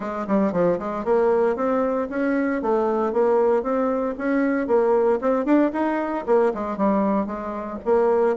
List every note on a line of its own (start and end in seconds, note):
0.00 0.26 G#3
0.27 0.52 G3
0.52 0.78 F3
0.78 1.04 G#3
1.04 1.56 A#3
1.56 2.08 C4
2.09 2.61 C#4
2.62 3.13 A3
3.13 3.62 A#3
3.62 4.15 C4
4.17 4.67 C#4
4.67 5.19 A#3
5.21 5.45 C4
5.45 5.71 D4
5.72 6.25 D#4
6.26 6.52 A#3
6.53 6.77 G#3
6.77 7.26 G3
7.26 7.78 G#3
7.85 8.36 A#3